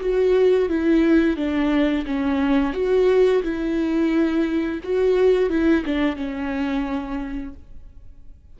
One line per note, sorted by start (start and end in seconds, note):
0.00 0.69 F#4
0.69 1.36 E4
1.36 2.05 D4
2.06 2.73 C#4
2.73 3.42 F#4
3.42 4.80 E4
4.83 5.50 F#4
5.50 5.84 E4
5.85 6.16 D4
6.16 7.54 C#4